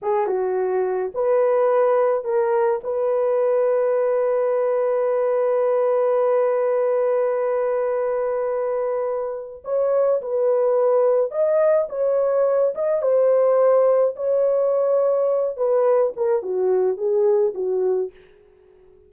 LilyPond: \new Staff \with { instrumentName = "horn" } { \time 4/4 \tempo 4 = 106 gis'8 fis'4. b'2 | ais'4 b'2.~ | b'1~ | b'1~ |
b'4 cis''4 b'2 | dis''4 cis''4. dis''8 c''4~ | c''4 cis''2~ cis''8 b'8~ | b'8 ais'8 fis'4 gis'4 fis'4 | }